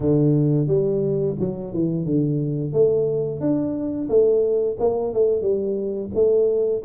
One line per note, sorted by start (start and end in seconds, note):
0.00 0.67 D3
0.67 1.35 G3
1.39 1.73 F#3
1.73 2.05 E3
2.05 2.73 D3
2.73 3.40 A3
3.40 4.08 D4
4.09 4.77 A3
4.79 5.13 A#3
5.13 5.41 A3
5.41 6.09 G3
6.14 6.82 A3